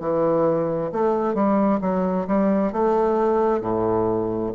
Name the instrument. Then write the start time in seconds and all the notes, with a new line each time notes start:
bassoon
0.00 E3
0.92 A3
1.35 G3
1.81 F#3
2.27 G3
2.73 A3
3.61 A2